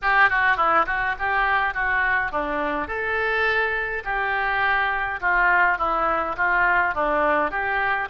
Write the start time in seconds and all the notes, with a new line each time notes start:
0.02 G4
0.29 F#4
0.56 E4
0.86 F#4
1.19 G4
1.74 F#4
2.31 D4
2.87 A4
4.04 G4
5.21 F4
5.78 E4
6.36 F4
6.94 D4
7.50 G4